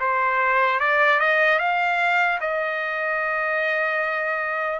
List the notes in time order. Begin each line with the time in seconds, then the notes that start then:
0.00 C5
0.80 D5
1.20 D#5
1.59 F5
2.41 D#5